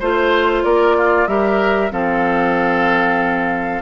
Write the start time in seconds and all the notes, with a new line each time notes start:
0.00 A3 F4 C5
0.64 A#3 A#4 D5
0.98 F4
1.27 G3 G4 A#4 E5
1.91 F3 C4 A4 F5